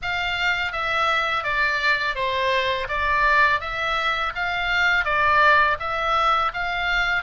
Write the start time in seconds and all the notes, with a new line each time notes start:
0.02 F5
0.72 E5
1.43 D5
2.15 C5
2.88 D5
3.60 E5
4.35 F5
5.04 D5
5.79 E5
6.53 F5